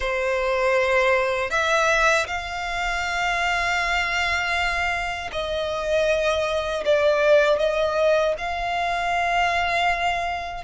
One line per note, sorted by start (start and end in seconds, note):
0.00 1.50 C5
1.50 2.26 E5
2.26 5.30 F5
5.32 6.84 D#5
6.85 7.58 D5
7.58 8.34 D#5
8.38 10.64 F5